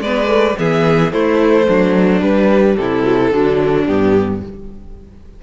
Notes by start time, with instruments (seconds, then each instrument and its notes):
0.00 cello G#3, viola B3, violin B4 D5
0.27 viola A3
0.58 cello E3, viola B3, violin G#4 E5
1.11 viola A3, cello A3, violin E4 C5
1.67 cello F#3, violin D4
2.21 viola G3, cello G3, violin B4
2.76 cello C3, violin E4 A4
3.04 viola F#3
3.22 viola E3
3.32 cello D3, viola F#3, violin D4
3.86 cello G2, viola B3, violin G4